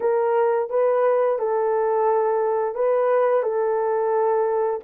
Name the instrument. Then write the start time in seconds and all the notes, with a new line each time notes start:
horn
0.00 A#4
0.69 B4
1.39 A4
2.74 B4
3.42 A4